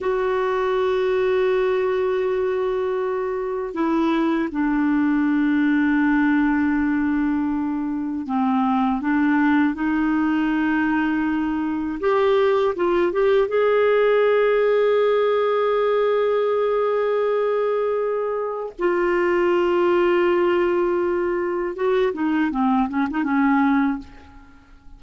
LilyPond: \new Staff \with { instrumentName = "clarinet" } { \time 4/4 \tempo 4 = 80 fis'1~ | fis'4 e'4 d'2~ | d'2. c'4 | d'4 dis'2. |
g'4 f'8 g'8 gis'2~ | gis'1~ | gis'4 f'2.~ | f'4 fis'8 dis'8 c'8 cis'16 dis'16 cis'4 | }